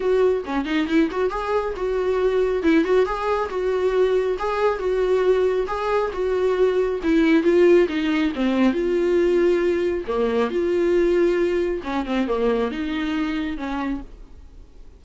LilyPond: \new Staff \with { instrumentName = "viola" } { \time 4/4 \tempo 4 = 137 fis'4 cis'8 dis'8 e'8 fis'8 gis'4 | fis'2 e'8 fis'8 gis'4 | fis'2 gis'4 fis'4~ | fis'4 gis'4 fis'2 |
e'4 f'4 dis'4 c'4 | f'2. ais4 | f'2. cis'8 c'8 | ais4 dis'2 cis'4 | }